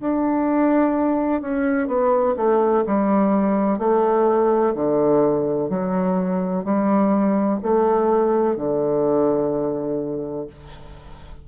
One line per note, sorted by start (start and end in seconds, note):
0.00 1.41 D4
1.41 1.87 C#4
1.87 2.35 B3
2.36 2.84 A3
2.86 3.78 G3
3.78 4.74 A3
4.74 5.69 D3
5.69 6.64 F#3
6.64 7.59 G3
7.62 8.56 A3
8.56 10.47 D3